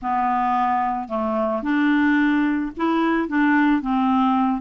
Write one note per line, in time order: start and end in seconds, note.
0.01 1.08 B3
1.08 1.62 A3
1.62 2.71 D4
2.76 3.28 E4
3.28 3.81 D4
3.81 4.61 C4